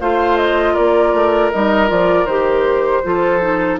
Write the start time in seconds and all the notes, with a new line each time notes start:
0.00 A3 F4 C5 F5
0.36 D#5
0.73 A#3 A#4 D5
1.13 A3
1.51 G3 D#4 D#5
1.87 F3 F4 D5
2.25 D#3 G4 C5
3.03 F3 F4 A4
3.41 D#4